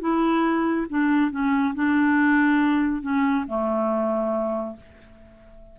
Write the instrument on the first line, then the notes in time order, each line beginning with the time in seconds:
clarinet
0.00 E4
0.89 D4
1.31 C#4
1.74 D4
3.02 C#4
3.47 A3